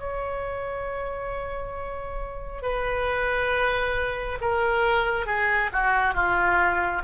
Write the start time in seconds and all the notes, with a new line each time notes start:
0.00 C#5
2.62 B4
4.41 A#4
5.26 G#4
5.73 F#4
6.14 F4